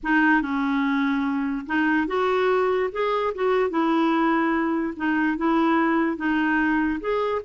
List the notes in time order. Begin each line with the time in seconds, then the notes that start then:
0.03 D#4
0.41 C#4
1.66 D#4
2.07 F#4
2.92 G#4
3.34 F#4
3.69 E4
4.96 D#4
5.37 E4
6.17 D#4
7.00 G#4